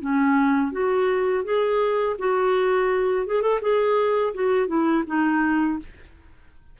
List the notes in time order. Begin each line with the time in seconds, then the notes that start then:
0.00 C#4
0.72 F#4
1.44 G#4
2.19 F#4
3.26 G#4
3.41 A4
3.61 G#4
4.34 F#4
4.67 E4
5.06 D#4